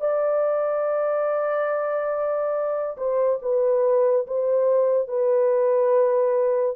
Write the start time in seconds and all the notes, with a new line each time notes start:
0.00 D5
2.97 C5
3.41 B4
4.26 C5
5.07 B4